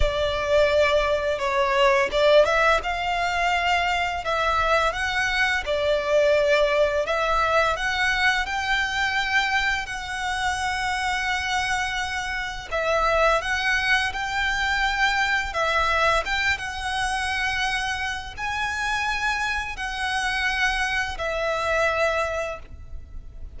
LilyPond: \new Staff \with { instrumentName = "violin" } { \time 4/4 \tempo 4 = 85 d''2 cis''4 d''8 e''8 | f''2 e''4 fis''4 | d''2 e''4 fis''4 | g''2 fis''2~ |
fis''2 e''4 fis''4 | g''2 e''4 g''8 fis''8~ | fis''2 gis''2 | fis''2 e''2 | }